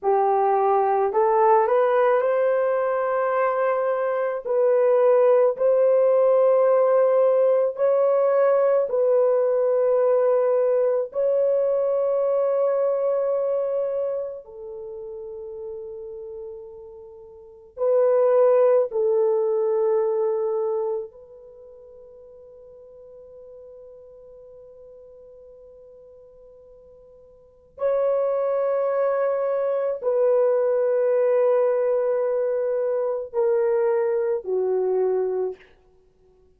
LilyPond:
\new Staff \with { instrumentName = "horn" } { \time 4/4 \tempo 4 = 54 g'4 a'8 b'8 c''2 | b'4 c''2 cis''4 | b'2 cis''2~ | cis''4 a'2. |
b'4 a'2 b'4~ | b'1~ | b'4 cis''2 b'4~ | b'2 ais'4 fis'4 | }